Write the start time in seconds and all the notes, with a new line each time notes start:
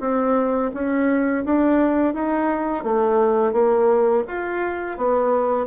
0.00 C4
0.73 C#4
1.45 D4
2.14 D#4
2.84 A3
3.53 A#3
4.27 F4
4.97 B3